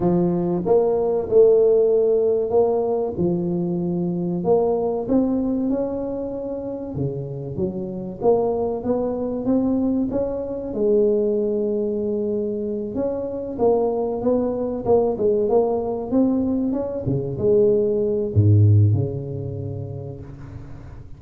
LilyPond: \new Staff \with { instrumentName = "tuba" } { \time 4/4 \tempo 4 = 95 f4 ais4 a2 | ais4 f2 ais4 | c'4 cis'2 cis4 | fis4 ais4 b4 c'4 |
cis'4 gis2.~ | gis8 cis'4 ais4 b4 ais8 | gis8 ais4 c'4 cis'8 cis8 gis8~ | gis4 gis,4 cis2 | }